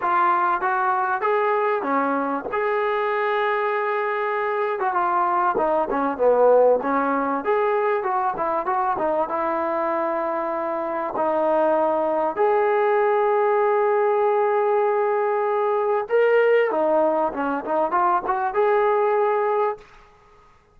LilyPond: \new Staff \with { instrumentName = "trombone" } { \time 4/4 \tempo 4 = 97 f'4 fis'4 gis'4 cis'4 | gis'2.~ gis'8. fis'16 | f'4 dis'8 cis'8 b4 cis'4 | gis'4 fis'8 e'8 fis'8 dis'8 e'4~ |
e'2 dis'2 | gis'1~ | gis'2 ais'4 dis'4 | cis'8 dis'8 f'8 fis'8 gis'2 | }